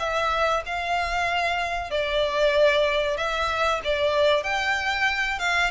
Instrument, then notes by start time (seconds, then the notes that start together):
violin
0.00 E5
0.66 F5
1.91 D5
3.18 E5
3.85 D5
4.44 G5
5.39 F5